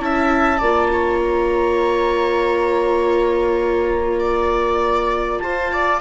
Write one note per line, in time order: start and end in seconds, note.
0.00 0.60 C#4
0.00 0.60 E4
0.00 0.59 E5
0.00 1.20 A5
0.59 5.42 A#3
0.59 6.01 F4
0.59 0.89 D5
0.93 4.20 C#5
1.20 5.40 A#5
4.20 5.40 D5
5.40 6.01 F4
5.40 5.73 C5
5.40 6.00 A5
5.73 6.01 D5